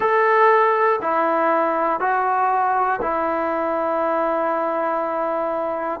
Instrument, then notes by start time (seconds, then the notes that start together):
trombone
0.00 A4
1.01 E4
2.00 F#4
3.01 E4